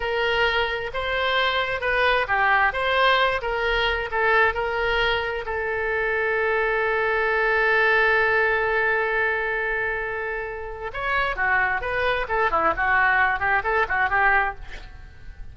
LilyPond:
\new Staff \with { instrumentName = "oboe" } { \time 4/4 \tempo 4 = 132 ais'2 c''2 | b'4 g'4 c''4. ais'8~ | ais'4 a'4 ais'2 | a'1~ |
a'1~ | a'1 | cis''4 fis'4 b'4 a'8 e'8 | fis'4. g'8 a'8 fis'8 g'4 | }